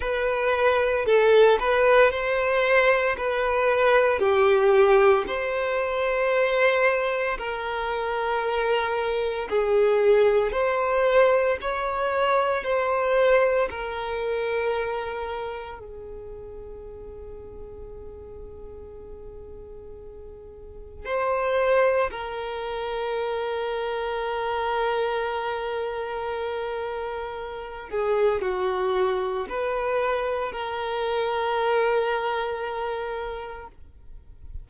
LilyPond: \new Staff \with { instrumentName = "violin" } { \time 4/4 \tempo 4 = 57 b'4 a'8 b'8 c''4 b'4 | g'4 c''2 ais'4~ | ais'4 gis'4 c''4 cis''4 | c''4 ais'2 gis'4~ |
gis'1 | c''4 ais'2.~ | ais'2~ ais'8 gis'8 fis'4 | b'4 ais'2. | }